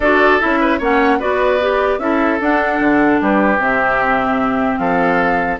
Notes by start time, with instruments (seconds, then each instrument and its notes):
0.00 bassoon D4, clarinet F#4, oboe A4, flute D5
0.40 bassoon C#4, clarinet E4, flute E5
0.60 oboe B4
0.78 bassoon A#3, clarinet C#4, oboe C#5, flute F#5
1.19 bassoon B3, clarinet F#4, oboe B4, flute D5
1.60 clarinet G4
1.98 bassoon C#4, clarinet E4, oboe A4, flute E5
2.40 clarinet D4, bassoon D4, flute F#5
2.80 bassoon D3
3.21 bassoon G3, oboe G4, flute B4
3.58 bassoon C3, clarinet C4, flute E5
4.77 bassoon F3, oboe A4, flute F5